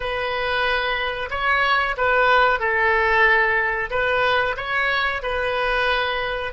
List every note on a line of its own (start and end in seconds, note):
0.00 1.29 B4
1.30 1.95 C#5
1.97 2.59 B4
2.59 3.90 A4
3.90 4.55 B4
4.57 5.22 C#5
5.22 6.52 B4